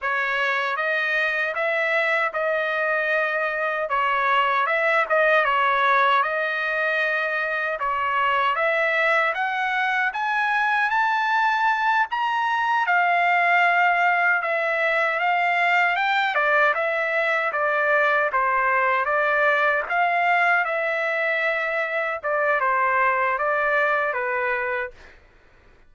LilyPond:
\new Staff \with { instrumentName = "trumpet" } { \time 4/4 \tempo 4 = 77 cis''4 dis''4 e''4 dis''4~ | dis''4 cis''4 e''8 dis''8 cis''4 | dis''2 cis''4 e''4 | fis''4 gis''4 a''4. ais''8~ |
ais''8 f''2 e''4 f''8~ | f''8 g''8 d''8 e''4 d''4 c''8~ | c''8 d''4 f''4 e''4.~ | e''8 d''8 c''4 d''4 b'4 | }